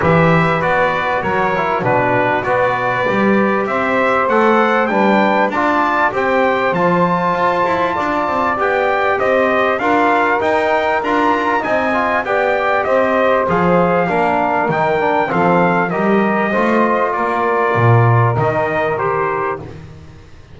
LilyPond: <<
  \new Staff \with { instrumentName = "trumpet" } { \time 4/4 \tempo 4 = 98 e''4 d''4 cis''4 b'4 | d''2 e''4 fis''4 | g''4 a''4 g''4 a''4~ | a''2 g''4 dis''4 |
f''4 g''4 ais''4 gis''4 | g''4 dis''4 f''2 | g''4 f''4 dis''2 | d''2 dis''4 c''4 | }
  \new Staff \with { instrumentName = "saxophone" } { \time 4/4 b'2 ais'4 fis'4 | b'2 c''2 | b'4 d''4 c''2~ | c''4 d''2 c''4 |
ais'2. dis''4 | d''4 c''2 ais'4~ | ais'4 a'4 ais'4 c''4 | ais'1 | }
  \new Staff \with { instrumentName = "trombone" } { \time 4/4 g'4 fis'4. e'8 d'4 | fis'4 g'2 a'4 | d'4 f'4 g'4 f'4~ | f'2 g'2 |
f'4 dis'4 f'4 dis'8 f'8 | g'2 gis'4 d'4 | dis'8 d'8 c'4 g'4 f'4~ | f'2 dis'4 g'4 | }
  \new Staff \with { instrumentName = "double bass" } { \time 4/4 e4 b4 fis4 b,4 | b4 g4 c'4 a4 | g4 d'4 c'4 f4 | f'8 e'8 d'8 c'8 b4 c'4 |
d'4 dis'4 d'4 c'4 | b4 c'4 f4 ais4 | dis4 f4 g4 a4 | ais4 ais,4 dis2 | }
>>